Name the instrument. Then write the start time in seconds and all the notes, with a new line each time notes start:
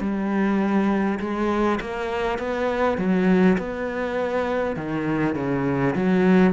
cello
0.00 G3
1.20 G#3
1.80 A#3
2.39 B3
2.98 F#3
3.58 B3
4.76 D#3
5.35 C#3
5.95 F#3